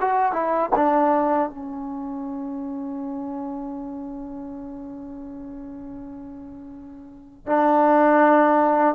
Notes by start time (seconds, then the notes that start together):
0.00 F#4
0.32 E4
0.75 D4
1.49 C#4
7.46 D4